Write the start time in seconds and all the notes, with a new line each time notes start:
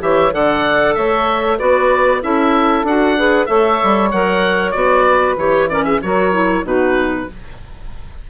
0.00 E3 G4 C#5 E5
0.32 D3 A4 D5 F#5
0.95 A3 C#5 E5
1.57 B3 F#4 B4 D5
2.21 C#4 E4 A4 E5
2.83 D4 F#4 F#5
3.16 G#4 B4
3.46 A3 A4 C#5 E5
3.83 G3
4.11 F#3 A#4 F#5
4.72 B3 F#4 D5
5.07 B4
5.37 E3 G4 C#5
5.69 C#4 A#4 D5
5.85 G#4 E5
6.02 F#3 F#4 A#4 C#5
6.32 E4
6.64 B2 D#4 F#4 B4